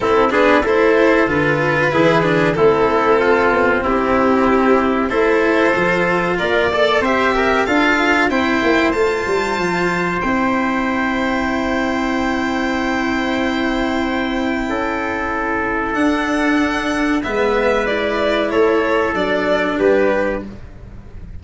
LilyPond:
<<
  \new Staff \with { instrumentName = "violin" } { \time 4/4 \tempo 4 = 94 a'8 b'8 c''4 b'2 | a'2 g'2 | c''2 d''4 e''4 | f''4 g''4 a''2 |
g''1~ | g''1~ | g''4 fis''2 e''4 | d''4 cis''4 d''4 b'4 | }
  \new Staff \with { instrumentName = "trumpet" } { \time 4/4 e'8 gis'8 a'2 gis'4 | e'4 f'4 e'2 | a'2 ais'8 d''8 c''8 ais'8 | a'4 c''2.~ |
c''1~ | c''2. a'4~ | a'2. b'4~ | b'4 a'2 g'4 | }
  \new Staff \with { instrumentName = "cello" } { \time 4/4 c'8 d'8 e'4 f'4 e'8 d'8 | c'1 | e'4 f'4. a'8 g'4 | f'4 e'4 f'2 |
e'1~ | e'1~ | e'4 d'2 b4 | e'2 d'2 | }
  \new Staff \with { instrumentName = "tuba" } { \time 4/4 c'8 b8 a4 d4 e4 | a4. b8 c'2 | a4 f4 ais4 c'4 | d'4 c'8 ais8 a8 g8 f4 |
c'1~ | c'2. cis'4~ | cis'4 d'2 gis4~ | gis4 a4 fis4 g4 | }
>>